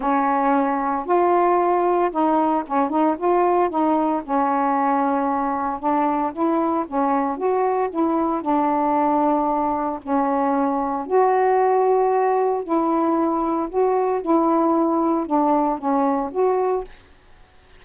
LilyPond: \new Staff \with { instrumentName = "saxophone" } { \time 4/4 \tempo 4 = 114 cis'2 f'2 | dis'4 cis'8 dis'8 f'4 dis'4 | cis'2. d'4 | e'4 cis'4 fis'4 e'4 |
d'2. cis'4~ | cis'4 fis'2. | e'2 fis'4 e'4~ | e'4 d'4 cis'4 fis'4 | }